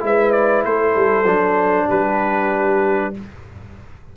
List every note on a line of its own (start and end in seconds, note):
0.00 0.65 G#3
0.00 1.25 E4
0.06 0.67 B4
0.06 0.32 E5
0.32 0.63 D5
0.65 0.96 A3
0.65 1.86 A4
0.65 1.90 C5
0.96 1.25 G3
1.25 1.88 F#3
1.25 3.14 D4
1.86 3.16 G3
1.86 3.11 G4
1.86 3.15 B4